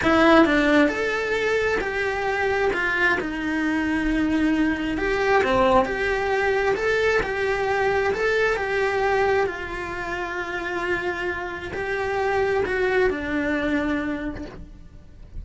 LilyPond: \new Staff \with { instrumentName = "cello" } { \time 4/4 \tempo 4 = 133 e'4 d'4 a'2 | g'2 f'4 dis'4~ | dis'2. g'4 | c'4 g'2 a'4 |
g'2 a'4 g'4~ | g'4 f'2.~ | f'2 g'2 | fis'4 d'2. | }